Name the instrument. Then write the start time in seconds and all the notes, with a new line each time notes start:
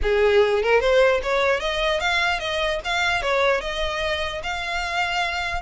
violin
0.02 G#4
0.62 A#4
0.80 C5
1.22 C#5
1.60 D#5
1.99 F5
2.39 D#5
2.84 F5
3.22 C#5
3.61 D#5
4.43 F5